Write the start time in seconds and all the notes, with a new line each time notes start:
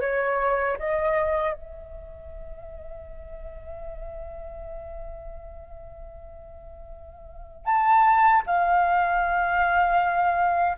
0.00 C#5
0.79 D#5
1.53 E5
7.65 A5
8.46 F5